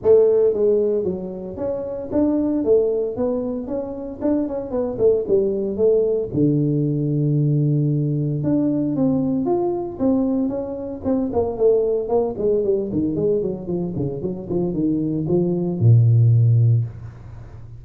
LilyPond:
\new Staff \with { instrumentName = "tuba" } { \time 4/4 \tempo 4 = 114 a4 gis4 fis4 cis'4 | d'4 a4 b4 cis'4 | d'8 cis'8 b8 a8 g4 a4 | d1 |
d'4 c'4 f'4 c'4 | cis'4 c'8 ais8 a4 ais8 gis8 | g8 dis8 gis8 fis8 f8 cis8 fis8 f8 | dis4 f4 ais,2 | }